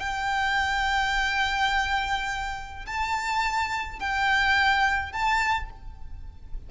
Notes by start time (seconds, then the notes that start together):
0.00 G5
2.86 A5
4.00 G5
5.12 A5